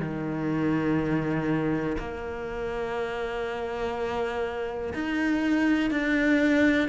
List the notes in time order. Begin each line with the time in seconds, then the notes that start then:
0.00 D#3
1.98 A#3
4.94 D#4
5.91 D4